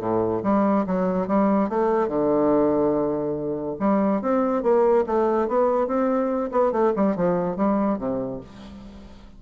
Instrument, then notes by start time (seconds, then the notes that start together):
bassoon
0.00 A2
0.43 G3
0.87 F#3
1.28 G3
1.69 A3
2.08 D3
3.80 G3
4.22 C4
4.63 A#3
5.07 A3
5.48 B3
5.87 C4
6.52 B3
6.72 A3
6.96 G3
7.16 F3
7.57 G3
7.99 C3